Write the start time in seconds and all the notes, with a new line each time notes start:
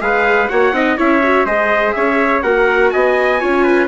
0.00 G#3 G#4 B4 F5
0.48 A#3 F#4 C#5 F#5
0.72 C4 D#4 D#5
0.97 C#4 E4 C#5 E5
1.23 F#4
1.45 G#3 G#4 C5 D#5
1.92 C#4 C#5 E5
2.42 A#3 F#4 A#4 F#5
2.90 B3 D#5 G#5
3.40 C#4 F4 C#5
3.63 B4